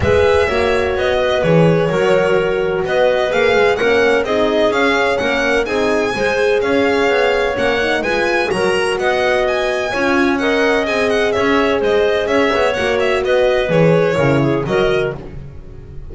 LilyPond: <<
  \new Staff \with { instrumentName = "violin" } { \time 4/4 \tempo 4 = 127 e''2 dis''4 cis''4~ | cis''2 dis''4 f''4 | fis''4 dis''4 f''4 fis''4 | gis''2 f''2 |
fis''4 gis''4 ais''4 fis''4 | gis''2 fis''4 gis''8 fis''8 | e''4 dis''4 e''4 fis''8 e''8 | dis''4 cis''2 dis''4 | }
  \new Staff \with { instrumentName = "clarinet" } { \time 4/4 b'4 cis''4. b'4. | ais'2 b'2 | ais'4 gis'2 ais'4 | gis'4 c''4 cis''2~ |
cis''4 b'4 ais'4 dis''4~ | dis''4 cis''4 dis''2 | cis''4 c''4 cis''2 | b'2 ais'8 gis'8 ais'4 | }
  \new Staff \with { instrumentName = "horn" } { \time 4/4 gis'4 fis'2 gis'4 | fis'2. gis'4 | cis'4 dis'4 cis'2 | dis'4 gis'2. |
cis'8 dis'8 f'4 fis'2~ | fis'4 f'4 ais'4 gis'4~ | gis'2. fis'4~ | fis'4 gis'4 e'4 fis'4 | }
  \new Staff \with { instrumentName = "double bass" } { \time 4/4 gis4 ais4 b4 e4 | fis2 b4 ais8 gis8 | ais4 c'4 cis'4 ais4 | c'4 gis4 cis'4 b4 |
ais4 gis4 fis4 b4~ | b4 cis'2 c'4 | cis'4 gis4 cis'8 b8 ais4 | b4 e4 cis4 fis4 | }
>>